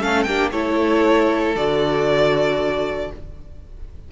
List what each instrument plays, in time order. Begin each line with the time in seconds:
0.00 cello A3, viola C#4, violin A4 F5
0.23 cello A#3, viola D4, violin G4 G5
0.51 cello A3, viola E4, violin A4 C#5
1.55 cello D3, viola F#4, violin D5